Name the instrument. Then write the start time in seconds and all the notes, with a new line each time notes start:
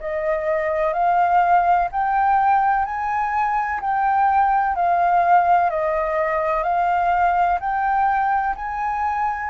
flute
0.00 D#5
0.93 F5
1.92 G5
2.85 G#5
3.81 G5
4.75 F5
5.70 D#5
6.63 F5
7.60 G5
8.55 G#5